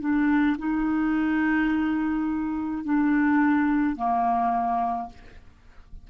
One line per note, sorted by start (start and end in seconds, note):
0.00 0.57 D4
0.59 2.85 D#4
2.85 3.96 D4
3.96 5.09 A#3